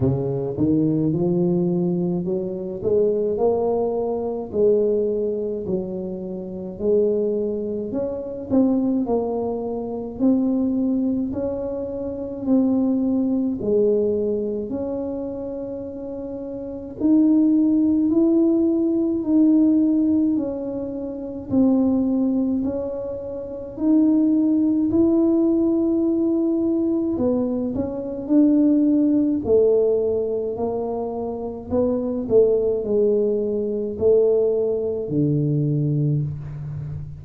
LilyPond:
\new Staff \with { instrumentName = "tuba" } { \time 4/4 \tempo 4 = 53 cis8 dis8 f4 fis8 gis8 ais4 | gis4 fis4 gis4 cis'8 c'8 | ais4 c'4 cis'4 c'4 | gis4 cis'2 dis'4 |
e'4 dis'4 cis'4 c'4 | cis'4 dis'4 e'2 | b8 cis'8 d'4 a4 ais4 | b8 a8 gis4 a4 d4 | }